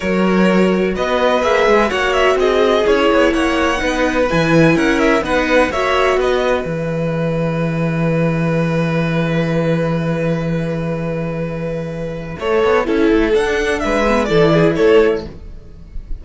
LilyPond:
<<
  \new Staff \with { instrumentName = "violin" } { \time 4/4 \tempo 4 = 126 cis''2 dis''4 e''4 | fis''8 e''8 dis''4 cis''4 fis''4~ | fis''4 gis''4 fis''8 e''8 fis''4 | e''4 dis''4 e''2~ |
e''1~ | e''1~ | e''1 | fis''4 e''4 d''4 cis''4 | }
  \new Staff \with { instrumentName = "violin" } { \time 4/4 ais'2 b'2 | cis''4 gis'2 cis''4 | b'2 ais'4 b'4 | cis''4 b'2.~ |
b'1~ | b'1~ | b'2 cis''4 a'4~ | a'4 b'4 a'8 gis'8 a'4 | }
  \new Staff \with { instrumentName = "viola" } { \time 4/4 fis'2. gis'4 | fis'2 e'2 | dis'4 e'2 dis'4 | fis'2 gis'2~ |
gis'1~ | gis'1~ | gis'2 a'4 e'4 | d'4. b8 e'2 | }
  \new Staff \with { instrumentName = "cello" } { \time 4/4 fis2 b4 ais8 gis8 | ais4 c'4 cis'8 b8 ais4 | b4 e4 cis'4 b4 | ais4 b4 e2~ |
e1~ | e1~ | e2 a8 b8 cis'8 a8 | d'4 gis4 e4 a4 | }
>>